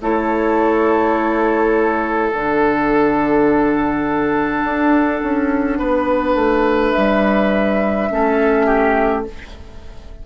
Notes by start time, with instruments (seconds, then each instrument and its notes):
0.00 bassoon A3, clarinet E4, oboe A4, flute C#5
2.32 bassoon D3, clarinet D4, flute F#5
4.63 bassoon D4
5.22 bassoon C#4
5.78 bassoon B3, oboe B4
6.34 bassoon A3
6.90 flute E5
6.96 bassoon G3
8.10 bassoon A3, clarinet C#4, oboe A4
8.66 oboe G4